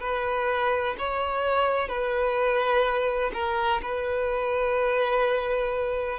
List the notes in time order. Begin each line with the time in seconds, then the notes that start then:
0.00 B4
0.98 C#5
1.88 B4
3.33 A#4
3.82 B4